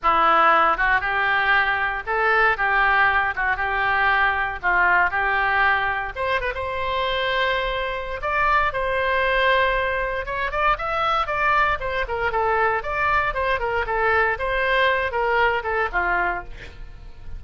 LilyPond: \new Staff \with { instrumentName = "oboe" } { \time 4/4 \tempo 4 = 117 e'4. fis'8 g'2 | a'4 g'4. fis'8 g'4~ | g'4 f'4 g'2 | c''8 b'16 c''2.~ c''16 |
d''4 c''2. | cis''8 d''8 e''4 d''4 c''8 ais'8 | a'4 d''4 c''8 ais'8 a'4 | c''4. ais'4 a'8 f'4 | }